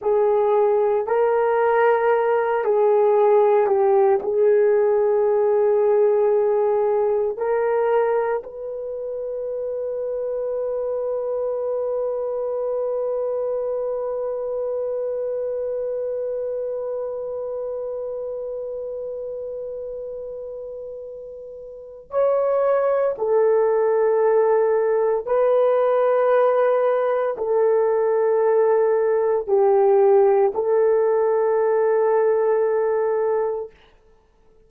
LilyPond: \new Staff \with { instrumentName = "horn" } { \time 4/4 \tempo 4 = 57 gis'4 ais'4. gis'4 g'8 | gis'2. ais'4 | b'1~ | b'1~ |
b'1~ | b'4 cis''4 a'2 | b'2 a'2 | g'4 a'2. | }